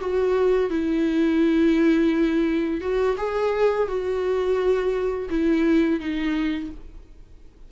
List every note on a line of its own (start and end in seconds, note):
0.00 0.69 F#4
0.69 2.81 E4
2.81 3.16 F#4
3.17 3.88 G#4
3.88 5.29 F#4
5.29 6.00 E4
6.00 6.70 D#4